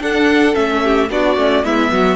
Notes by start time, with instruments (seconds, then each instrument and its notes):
0.00 viola D4, cello D4, violin A4 F#5
0.53 cello A3, viola C#4, violin E5
0.83 violin G4
1.10 cello B3, viola D4, violin F#4 D5
1.36 cello A3, viola C#4
1.64 cello G#3, viola B3, violin E4 E5
1.92 cello F#3, violin F#4